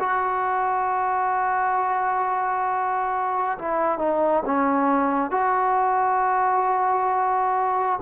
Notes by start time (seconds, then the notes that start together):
0.00 F#4
3.59 E4
3.99 D#4
4.46 C#4
5.31 F#4